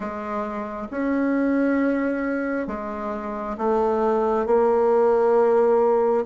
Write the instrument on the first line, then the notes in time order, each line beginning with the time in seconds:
bassoon
0.00 G#3
0.90 C#4
2.67 G#3
3.57 A3
4.46 A#3